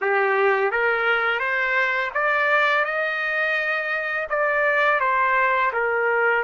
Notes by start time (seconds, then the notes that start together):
0.01 G4
0.71 A#4
1.39 C5
2.14 D5
2.84 D#5
4.29 D5
5.00 C5
5.72 A#4